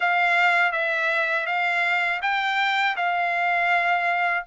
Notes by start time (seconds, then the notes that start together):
0.00 F5
0.72 E5
1.46 F5
2.22 G5
2.96 F5